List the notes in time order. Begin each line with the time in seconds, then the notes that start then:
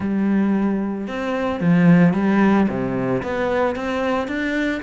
0.00 G3
1.07 C4
1.60 F3
2.13 G3
2.69 C3
3.23 B3
3.75 C4
4.27 D4